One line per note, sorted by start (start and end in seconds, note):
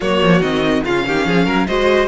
0.00 0.22 F#3
0.00 0.41 A#3
0.00 0.84 F#4
0.00 0.41 C#5
0.22 0.40 F3
0.40 0.82 D#3
0.40 0.83 C4
0.40 0.83 D#5
0.84 1.06 C#3
0.84 1.67 C#4
0.84 1.05 F4
0.84 1.66 F5
1.07 1.26 D#3
1.07 1.26 G4
1.26 1.46 F3
1.26 1.45 G#4
1.45 1.67 F#3
1.45 1.66 A#4
1.66 2.07 G#3
1.66 2.07 F#4
1.66 2.07 C5
1.66 2.07 D#5